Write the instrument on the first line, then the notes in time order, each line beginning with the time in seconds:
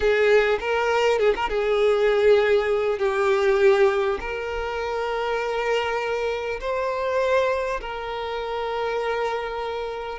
violin
0.00 G#4
0.60 A#4
1.18 G#4
1.35 A#4
1.49 G#4
2.98 G4
4.20 A#4
6.60 C5
7.80 A#4